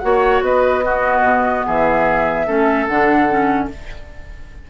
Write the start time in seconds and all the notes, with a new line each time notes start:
0.00 A#3 F#4 C#5 F#5
0.41 B3 B4 D#5
0.85 B3 F#4
1.22 B2
1.67 E3 G#4 E5
2.47 A3 C#4 A4
2.87 D3 D4 F#5
3.29 C#4